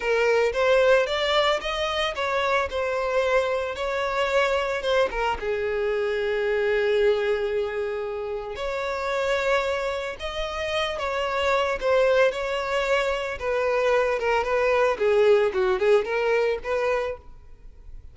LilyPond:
\new Staff \with { instrumentName = "violin" } { \time 4/4 \tempo 4 = 112 ais'4 c''4 d''4 dis''4 | cis''4 c''2 cis''4~ | cis''4 c''8 ais'8 gis'2~ | gis'1 |
cis''2. dis''4~ | dis''8 cis''4. c''4 cis''4~ | cis''4 b'4. ais'8 b'4 | gis'4 fis'8 gis'8 ais'4 b'4 | }